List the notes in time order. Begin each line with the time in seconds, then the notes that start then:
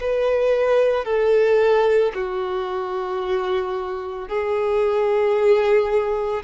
0.00 B4
1.05 A4
2.14 F#4
4.28 G#4